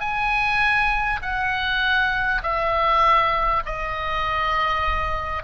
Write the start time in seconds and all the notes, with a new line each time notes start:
0.00 G#5
1.23 F#5
2.43 E5
3.66 D#5